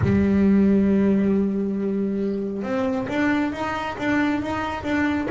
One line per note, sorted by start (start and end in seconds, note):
0.01 2.62 G3
2.62 3.06 C4
3.08 3.52 D4
3.52 3.96 D#4
3.98 4.42 D4
4.42 4.83 D#4
4.83 5.27 D4